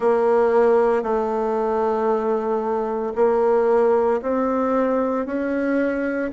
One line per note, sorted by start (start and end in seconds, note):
0.00 1.02 A#3
1.02 3.13 A3
3.15 4.21 A#3
4.22 5.25 C4
5.25 6.31 C#4